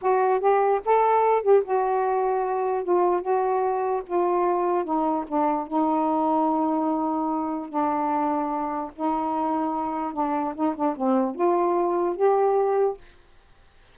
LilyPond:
\new Staff \with { instrumentName = "saxophone" } { \time 4/4 \tempo 4 = 148 fis'4 g'4 a'4. g'8 | fis'2. f'4 | fis'2 f'2 | dis'4 d'4 dis'2~ |
dis'2. d'4~ | d'2 dis'2~ | dis'4 d'4 dis'8 d'8 c'4 | f'2 g'2 | }